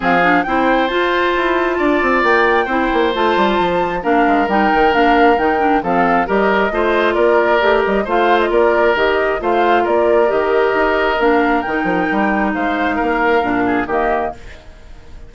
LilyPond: <<
  \new Staff \with { instrumentName = "flute" } { \time 4/4 \tempo 4 = 134 f''4 g''4 a''2~ | a''4 g''2 a''4~ | a''4 f''4 g''4 f''4 | g''4 f''4 dis''2 |
d''4. dis''8 f''8. dis''16 d''4 | dis''4 f''4 d''4 dis''4~ | dis''4 f''4 g''2 | f''2. dis''4 | }
  \new Staff \with { instrumentName = "oboe" } { \time 4/4 gis'4 c''2. | d''2 c''2~ | c''4 ais'2.~ | ais'4 a'4 ais'4 c''4 |
ais'2 c''4 ais'4~ | ais'4 c''4 ais'2~ | ais'1 | c''4 ais'4. gis'8 g'4 | }
  \new Staff \with { instrumentName = "clarinet" } { \time 4/4 c'8 d'8 e'4 f'2~ | f'2 e'4 f'4~ | f'4 d'4 dis'4 d'4 | dis'8 d'8 c'4 g'4 f'4~ |
f'4 g'4 f'2 | g'4 f'2 g'4~ | g'4 d'4 dis'2~ | dis'2 d'4 ais4 | }
  \new Staff \with { instrumentName = "bassoon" } { \time 4/4 f4 c'4 f'4 e'4 | d'8 c'8 ais4 c'8 ais8 a8 g8 | f4 ais8 gis8 g8 dis8 ais4 | dis4 f4 g4 a4 |
ais4 a8 g8 a4 ais4 | dis4 a4 ais4 dis4 | dis'4 ais4 dis8 f8 g4 | gis4 ais4 ais,4 dis4 | }
>>